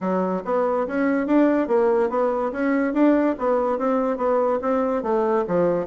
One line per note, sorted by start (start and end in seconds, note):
0.01 0.43 F#3
0.44 0.86 B3
0.87 1.26 C#4
1.26 1.67 D4
1.67 2.09 A#3
2.09 2.51 B3
2.52 2.93 C#4
2.93 3.35 D4
3.38 3.78 B3
3.78 4.17 C4
4.17 4.59 B3
4.61 5.02 C4
5.02 5.44 A3
5.47 5.86 F3